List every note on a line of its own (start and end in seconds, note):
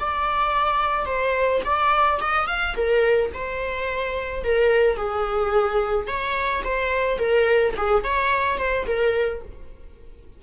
0.00 1.06 D5
1.06 1.61 C5
1.65 2.20 D5
2.21 2.47 D#5
2.47 2.75 F5
2.76 3.32 A#4
3.34 4.44 C5
4.44 4.96 A#4
4.96 6.07 G#4
6.07 6.63 C#5
6.64 7.18 C5
7.18 7.74 A#4
7.77 8.04 G#4
8.04 8.58 C#5
8.58 8.86 C5
8.87 9.42 A#4